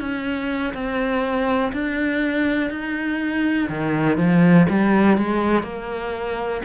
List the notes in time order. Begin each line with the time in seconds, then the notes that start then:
0.00 C#4
0.74 C4
1.73 D4
2.70 D#4
3.69 D#3
4.18 F3
4.70 G3
5.18 G#3
5.63 A#3